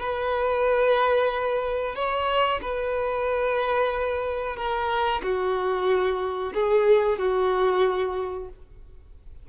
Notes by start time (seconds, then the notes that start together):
0.00 B4
1.96 C#5
2.62 B4
4.57 A#4
5.24 F#4
6.54 G#4
7.19 F#4